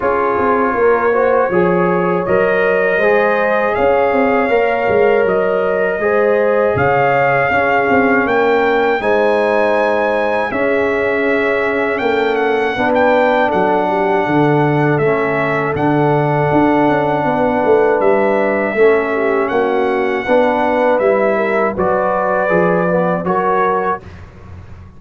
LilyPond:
<<
  \new Staff \with { instrumentName = "trumpet" } { \time 4/4 \tempo 4 = 80 cis''2. dis''4~ | dis''4 f''2 dis''4~ | dis''4 f''2 g''4 | gis''2 e''2 |
g''8 fis''8. g''8. fis''2 | e''4 fis''2. | e''2 fis''2 | e''4 d''2 cis''4 | }
  \new Staff \with { instrumentName = "horn" } { \time 4/4 gis'4 ais'8 c''8 cis''2 | c''4 cis''2. | c''4 cis''4 gis'4 ais'4 | c''2 gis'2 |
a'4 b'4 a'8 g'8 a'4~ | a'2. b'4~ | b'4 a'8 g'8 fis'4 b'4~ | b'8 ais'8 b'2 ais'4 | }
  \new Staff \with { instrumentName = "trombone" } { \time 4/4 f'4. fis'8 gis'4 ais'4 | gis'2 ais'2 | gis'2 cis'2 | dis'2 cis'2~ |
cis'4 d'2. | cis'4 d'2.~ | d'4 cis'2 d'4 | e'4 fis'4 gis'8 b8 fis'4 | }
  \new Staff \with { instrumentName = "tuba" } { \time 4/4 cis'8 c'8 ais4 f4 fis4 | gis4 cis'8 c'8 ais8 gis8 fis4 | gis4 cis4 cis'8 c'8 ais4 | gis2 cis'2 |
ais4 b4 fis4 d4 | a4 d4 d'8 cis'8 b8 a8 | g4 a4 ais4 b4 | g4 fis4 f4 fis4 | }
>>